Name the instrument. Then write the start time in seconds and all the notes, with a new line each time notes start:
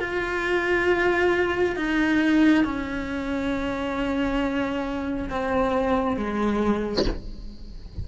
cello
0.00 F4
1.76 D#4
2.65 C#4
5.30 C4
6.17 G#3